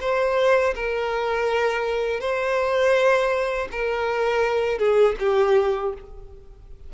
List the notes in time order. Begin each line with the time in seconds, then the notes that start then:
0.00 C5
0.75 A#4
2.20 C5
3.71 A#4
4.78 G#4
5.19 G4